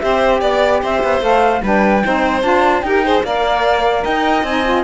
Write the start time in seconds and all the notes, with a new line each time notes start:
0.00 C4 G4 C5 E5
0.41 B3 D5
0.82 C4 C5 E5
1.03 B3
1.21 A3 A4 F5
1.63 G3 D4 B4 G5
2.04 C4 D#4 C5
2.42 D4 F4 A5
2.82 D#4 G4 A#4 G5
3.05 G#4 C5
3.24 A#3 A#4 D5 F5
4.04 D#4 D#5 G5
4.44 C4 D#4 G#5
4.66 F4